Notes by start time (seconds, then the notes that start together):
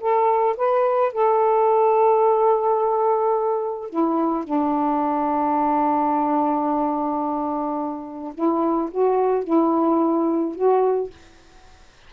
0.00 A4
0.57 B4
1.13 A4
3.90 E4
4.44 D4
8.34 E4
8.91 F#4
9.44 E4
10.55 F#4